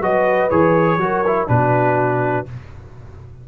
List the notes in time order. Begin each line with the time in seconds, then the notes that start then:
0.00 F#3 F#4 B4 D#5
0.50 E3 G#4 C#5
0.97 F#3 F#4 A#4
1.27 E4
1.47 B2 D4 F#4 B4